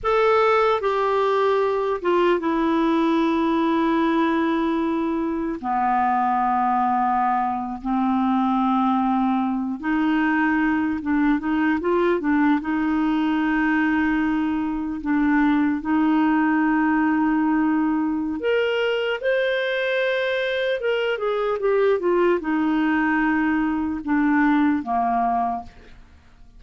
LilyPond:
\new Staff \with { instrumentName = "clarinet" } { \time 4/4 \tempo 4 = 75 a'4 g'4. f'8 e'4~ | e'2. b4~ | b4.~ b16 c'2~ c'16~ | c'16 dis'4. d'8 dis'8 f'8 d'8 dis'16~ |
dis'2~ dis'8. d'4 dis'16~ | dis'2. ais'4 | c''2 ais'8 gis'8 g'8 f'8 | dis'2 d'4 ais4 | }